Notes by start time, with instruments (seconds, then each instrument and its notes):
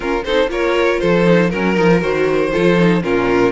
0.00 cello C#4, viola C#4, violin F4 A#4
0.24 cello C4, viola D#4, violin A4 C5
0.47 cello A#3, viola F4, violin A#4 C#5
0.99 cello F3, violin A4 C5
1.25 viola D#4
1.50 cello F#3, viola C#4, violin A#4
1.76 cello F3, viola D#4
1.92 viola F4
2.01 cello D#3, viola F#4, violin C5
2.52 cello F3, viola F4, violin A4
2.78 viola D#4
3.01 cello A#2, viola C#4, violin F4 A#4